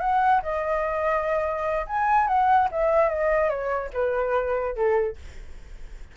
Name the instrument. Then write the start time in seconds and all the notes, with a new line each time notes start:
flute
0.00 F#5
0.42 D#5
1.86 G#5
2.27 F#5
2.71 E5
3.09 D#5
3.49 C#5
3.93 B4
4.75 A4